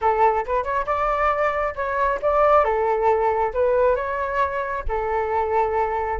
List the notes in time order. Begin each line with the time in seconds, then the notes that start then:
0.01 A4
0.45 B4
0.63 C#5
0.86 D5
1.75 C#5
2.21 D5
2.64 A4
3.53 B4
3.95 C#5
4.88 A4